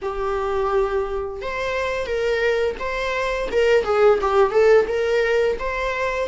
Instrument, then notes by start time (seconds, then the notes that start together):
viola
0.02 G4
1.41 C5
2.06 A#4
2.79 C5
3.51 A#4
3.84 G#4
4.21 G4
4.51 A4
4.87 A#4
5.59 C5